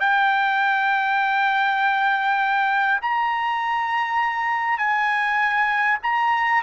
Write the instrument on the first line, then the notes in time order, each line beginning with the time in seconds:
trumpet
0.00 G5
3.02 A#5
4.78 G#5
6.03 A#5